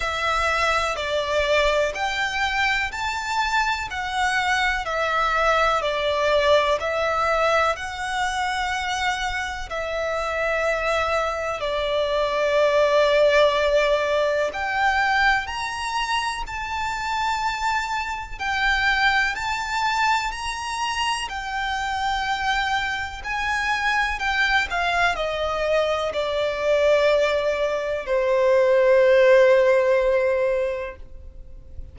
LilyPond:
\new Staff \with { instrumentName = "violin" } { \time 4/4 \tempo 4 = 62 e''4 d''4 g''4 a''4 | fis''4 e''4 d''4 e''4 | fis''2 e''2 | d''2. g''4 |
ais''4 a''2 g''4 | a''4 ais''4 g''2 | gis''4 g''8 f''8 dis''4 d''4~ | d''4 c''2. | }